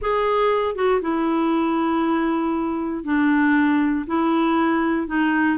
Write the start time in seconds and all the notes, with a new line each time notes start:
0.01 G#4
0.75 F#4
1.01 E4
3.04 D4
4.07 E4
5.07 D#4